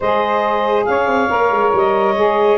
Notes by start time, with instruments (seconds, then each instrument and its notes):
0.00 tuba G#3, saxophone G#4 C5, clarinet D#5
0.85 tuba C#4, saxophone C#5, clarinet F5
1.06 tuba C4
1.28 tuba A#3, saxophone A#4
1.50 tuba G#3
1.73 tuba G3, clarinet D#5
2.16 tuba G#3, saxophone G#4